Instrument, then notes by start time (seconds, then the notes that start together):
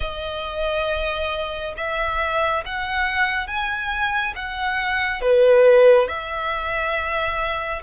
violin
0.00 D#5
1.76 E5
2.65 F#5
3.47 G#5
4.35 F#5
5.21 B4
6.08 E5